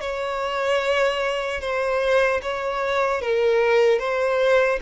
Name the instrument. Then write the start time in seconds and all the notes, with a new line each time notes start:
violin
0.00 C#5
1.60 C5
2.42 C#5
3.21 A#4
3.99 C5